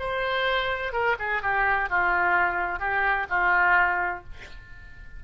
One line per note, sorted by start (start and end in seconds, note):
0.00 0.93 C5
0.93 1.17 A#4
1.19 1.43 G#4
1.43 1.90 G4
1.90 2.80 F4
2.80 3.27 G4
3.30 4.24 F4